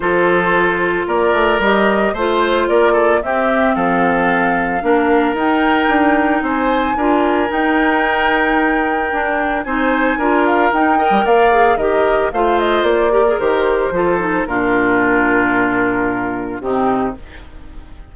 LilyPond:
<<
  \new Staff \with { instrumentName = "flute" } { \time 4/4 \tempo 4 = 112 c''2 d''4 dis''4 | c''4 d''4 e''4 f''4~ | f''2 g''2 | gis''2 g''2~ |
g''2 gis''4. f''8 | g''4 f''4 dis''4 f''8 dis''8 | d''4 c''2 ais'4~ | ais'2. g'4 | }
  \new Staff \with { instrumentName = "oboe" } { \time 4/4 a'2 ais'2 | c''4 ais'8 a'8 g'4 a'4~ | a'4 ais'2. | c''4 ais'2.~ |
ais'2 c''4 ais'4~ | ais'8 dis''8 d''4 ais'4 c''4~ | c''8 ais'4. a'4 f'4~ | f'2. dis'4 | }
  \new Staff \with { instrumentName = "clarinet" } { \time 4/4 f'2. g'4 | f'2 c'2~ | c'4 d'4 dis'2~ | dis'4 f'4 dis'2~ |
dis'4 d'4 dis'4 f'4 | dis'8 ais'4 gis'8 g'4 f'4~ | f'8 g'16 gis'16 g'4 f'8 dis'8 d'4~ | d'2. c'4 | }
  \new Staff \with { instrumentName = "bassoon" } { \time 4/4 f2 ais8 a8 g4 | a4 ais4 c'4 f4~ | f4 ais4 dis'4 d'4 | c'4 d'4 dis'2~ |
dis'4 d'4 c'4 d'4 | dis'8. g16 ais4 dis4 a4 | ais4 dis4 f4 ais,4~ | ais,2. c4 | }
>>